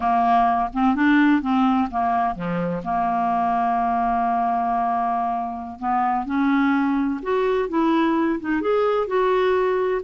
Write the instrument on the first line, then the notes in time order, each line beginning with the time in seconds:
clarinet
0.00 A#3
0.73 C4
0.95 D4
1.41 C4
1.90 A#3
2.35 F3
2.84 A#3
5.79 B3
6.25 C#4
7.22 F#4
7.69 E4
8.39 D#4
8.61 G#4
9.07 F#4